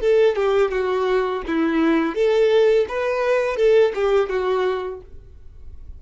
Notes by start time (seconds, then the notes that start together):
0.00 A4
0.36 G4
0.71 F#4
1.47 E4
2.15 A4
2.88 B4
3.56 A4
3.94 G4
4.30 F#4